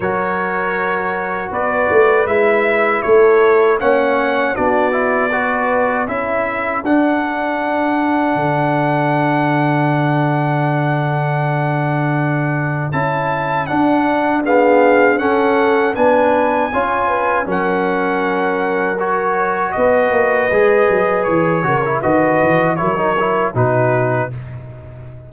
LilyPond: <<
  \new Staff \with { instrumentName = "trumpet" } { \time 4/4 \tempo 4 = 79 cis''2 d''4 e''4 | cis''4 fis''4 d''2 | e''4 fis''2.~ | fis''1~ |
fis''4 a''4 fis''4 f''4 | fis''4 gis''2 fis''4~ | fis''4 cis''4 dis''2 | cis''4 dis''4 cis''4 b'4 | }
  \new Staff \with { instrumentName = "horn" } { \time 4/4 ais'2 b'2 | a'4 cis''4 fis'4 b'4 | a'1~ | a'1~ |
a'2. gis'4 | a'4 b'4 cis''8 b'8 ais'4~ | ais'2 b'2~ | b'8 ais'8 b'4 ais'4 fis'4 | }
  \new Staff \with { instrumentName = "trombone" } { \time 4/4 fis'2. e'4~ | e'4 cis'4 d'8 e'8 fis'4 | e'4 d'2.~ | d'1~ |
d'4 e'4 d'4 b4 | cis'4 d'4 f'4 cis'4~ | cis'4 fis'2 gis'4~ | gis'8 fis'16 e'16 fis'4 e'16 dis'16 e'8 dis'4 | }
  \new Staff \with { instrumentName = "tuba" } { \time 4/4 fis2 b8 a8 gis4 | a4 ais4 b2 | cis'4 d'2 d4~ | d1~ |
d4 cis'4 d'2 | cis'4 b4 cis'4 fis4~ | fis2 b8 ais8 gis8 fis8 | e8 cis8 dis8 e8 fis4 b,4 | }
>>